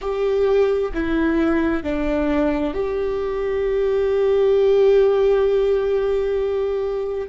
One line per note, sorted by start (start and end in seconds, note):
0.01 0.92 G4
0.93 1.83 E4
1.83 2.74 D4
2.74 7.28 G4